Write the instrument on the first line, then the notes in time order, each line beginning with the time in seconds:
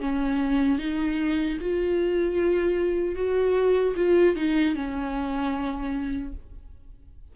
viola
0.00 C#4
0.79 D#4
1.61 F4
3.15 F#4
3.96 F4
4.36 D#4
4.75 C#4